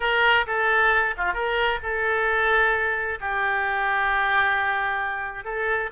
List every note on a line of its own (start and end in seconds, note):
0.00 0.45 A#4
0.46 1.15 A4
1.17 1.33 F4
1.33 1.79 A#4
1.82 3.19 A4
3.20 5.44 G4
5.44 5.90 A4